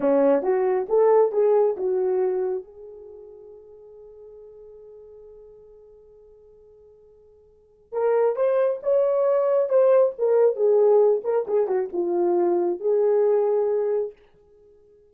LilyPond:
\new Staff \with { instrumentName = "horn" } { \time 4/4 \tempo 4 = 136 cis'4 fis'4 a'4 gis'4 | fis'2 gis'2~ | gis'1~ | gis'1~ |
gis'2 ais'4 c''4 | cis''2 c''4 ais'4 | gis'4. ais'8 gis'8 fis'8 f'4~ | f'4 gis'2. | }